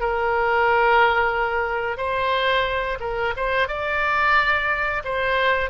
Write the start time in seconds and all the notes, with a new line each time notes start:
0.00 A#4
1.97 C5
3.00 A#4
3.36 C5
3.68 D5
5.04 C5